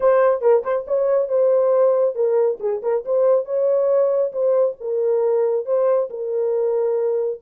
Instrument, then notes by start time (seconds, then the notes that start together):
horn
0.00 C5
0.41 A#4
0.63 C5
0.87 C#5
1.28 C5
2.15 A#4
2.60 G#4
2.82 A#4
3.05 C5
3.45 C#5
4.32 C5
4.80 A#4
5.65 C5
6.10 A#4